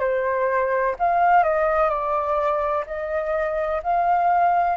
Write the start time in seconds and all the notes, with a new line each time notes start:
0.00 C5
0.99 F5
1.43 D#5
1.89 D5
2.87 D#5
3.83 F5